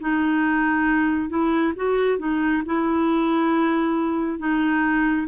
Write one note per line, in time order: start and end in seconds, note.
0.00 1.29 D#4
1.29 1.73 E4
1.76 2.19 F#4
2.19 2.63 D#4
2.66 4.39 E4
4.39 5.27 D#4